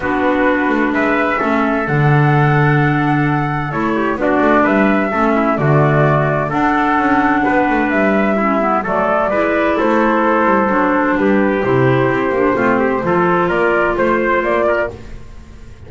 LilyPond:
<<
  \new Staff \with { instrumentName = "flute" } { \time 4/4 \tempo 4 = 129 b'2 e''2 | fis''1 | cis''4 d''4 e''2 | d''2 fis''2~ |
fis''4 e''2 d''4~ | d''4 c''2. | b'4 c''2.~ | c''4 d''4 c''4 d''4 | }
  \new Staff \with { instrumentName = "trumpet" } { \time 4/4 fis'2 b'4 a'4~ | a'1~ | a'8 g'8 fis'4 b'4 a'8 e'8 | fis'2 a'2 |
b'2 e'4 a'4 | b'4 a'2. | g'2. f'8 g'8 | a'4 ais'4 c''4. ais'8 | }
  \new Staff \with { instrumentName = "clarinet" } { \time 4/4 d'2. cis'4 | d'1 | e'4 d'2 cis'4 | a2 d'2~ |
d'2 cis'8 b8 a4 | e'2. d'4~ | d'4 e'4. d'8 c'4 | f'1 | }
  \new Staff \with { instrumentName = "double bass" } { \time 4/4 b4. a8 gis4 a4 | d1 | a4 b8 a8 g4 a4 | d2 d'4 cis'4 |
b8 a8 g2 fis4 | gis4 a4. g8 fis4 | g4 c4 c'8 ais8 a4 | f4 ais4 a4 ais4 | }
>>